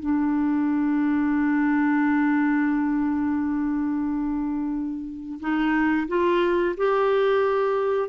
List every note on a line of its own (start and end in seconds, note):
0.00 5.39 D4
5.40 6.08 D#4
6.08 6.75 F4
6.77 8.09 G4